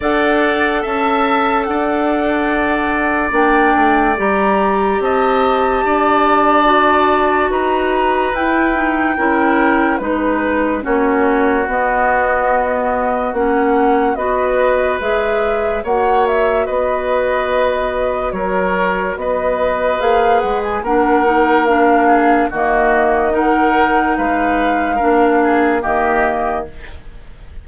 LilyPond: <<
  \new Staff \with { instrumentName = "flute" } { \time 4/4 \tempo 4 = 72 fis''4 a''4 fis''2 | g''4 ais''4 a''2~ | a''4 ais''4 g''2 | b'4 cis''4 dis''2 |
fis''4 dis''4 e''4 fis''8 e''8 | dis''2 cis''4 dis''4 | f''8 fis''16 gis''16 fis''4 f''4 dis''4 | fis''4 f''2 dis''4 | }
  \new Staff \with { instrumentName = "oboe" } { \time 4/4 d''4 e''4 d''2~ | d''2 dis''4 d''4~ | d''4 b'2 ais'4 | b'4 fis'2.~ |
fis'4 b'2 cis''4 | b'2 ais'4 b'4~ | b'4 ais'4. gis'8 fis'4 | ais'4 b'4 ais'8 gis'8 g'4 | }
  \new Staff \with { instrumentName = "clarinet" } { \time 4/4 a'1 | d'4 g'2. | fis'2 e'8 dis'8 e'4 | dis'4 cis'4 b2 |
cis'4 fis'4 gis'4 fis'4~ | fis'1 | gis'4 d'8 dis'8 d'4 ais4 | dis'2 d'4 ais4 | }
  \new Staff \with { instrumentName = "bassoon" } { \time 4/4 d'4 cis'4 d'2 | ais8 a8 g4 c'4 d'4~ | d'4 dis'4 e'4 cis'4 | gis4 ais4 b2 |
ais4 b4 gis4 ais4 | b2 fis4 b4 | ais8 gis8 ais2 dis4~ | dis4 gis4 ais4 dis4 | }
>>